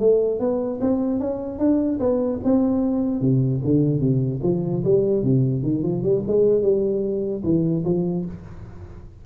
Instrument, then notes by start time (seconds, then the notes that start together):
tuba
0.00 A3
0.40 B3
0.81 C4
1.20 C#4
1.59 D4
2.00 B3
2.45 C4
3.21 C3
3.65 D3
4.01 C3
4.43 F3
4.85 G3
5.24 C3
5.64 D#3
5.84 F3
6.03 G3
6.28 G#3
6.63 G3
7.44 E3
7.85 F3